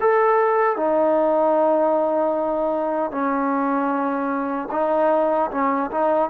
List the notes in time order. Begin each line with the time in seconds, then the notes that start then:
0.00 A4
0.76 D#4
3.11 C#4
4.71 D#4
5.51 C#4
5.90 D#4